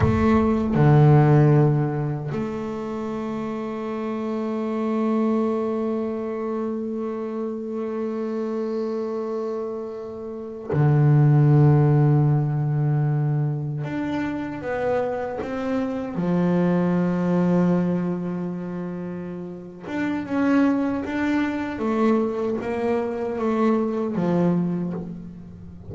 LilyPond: \new Staff \with { instrumentName = "double bass" } { \time 4/4 \tempo 4 = 77 a4 d2 a4~ | a1~ | a1~ | a4.~ a16 d2~ d16~ |
d4.~ d16 d'4 b4 c'16~ | c'8. f2.~ f16~ | f4. d'8 cis'4 d'4 | a4 ais4 a4 f4 | }